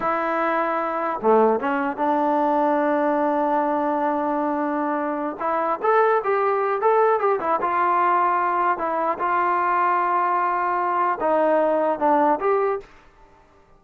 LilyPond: \new Staff \with { instrumentName = "trombone" } { \time 4/4 \tempo 4 = 150 e'2. a4 | cis'4 d'2.~ | d'1~ | d'4. e'4 a'4 g'8~ |
g'4 a'4 g'8 e'8 f'4~ | f'2 e'4 f'4~ | f'1 | dis'2 d'4 g'4 | }